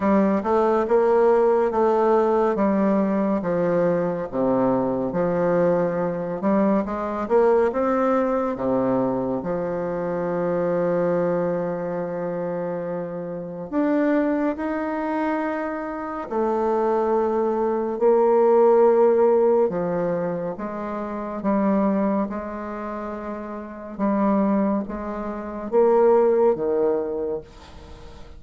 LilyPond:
\new Staff \with { instrumentName = "bassoon" } { \time 4/4 \tempo 4 = 70 g8 a8 ais4 a4 g4 | f4 c4 f4. g8 | gis8 ais8 c'4 c4 f4~ | f1 |
d'4 dis'2 a4~ | a4 ais2 f4 | gis4 g4 gis2 | g4 gis4 ais4 dis4 | }